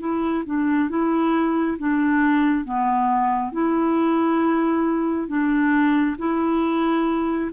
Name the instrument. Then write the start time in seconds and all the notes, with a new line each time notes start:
clarinet
0.00 E4
0.46 D4
0.90 E4
1.79 D4
2.65 B3
3.53 E4
5.28 D4
6.19 E4